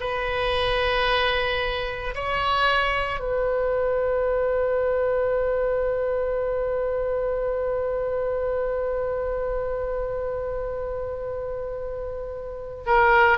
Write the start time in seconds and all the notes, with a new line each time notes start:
0.00 B4
2.15 C#5
3.19 B4
12.86 A#4